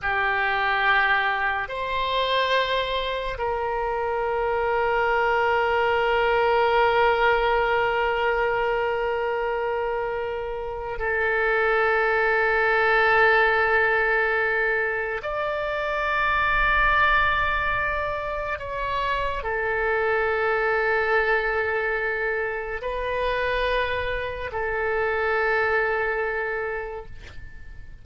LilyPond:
\new Staff \with { instrumentName = "oboe" } { \time 4/4 \tempo 4 = 71 g'2 c''2 | ais'1~ | ais'1~ | ais'4 a'2.~ |
a'2 d''2~ | d''2 cis''4 a'4~ | a'2. b'4~ | b'4 a'2. | }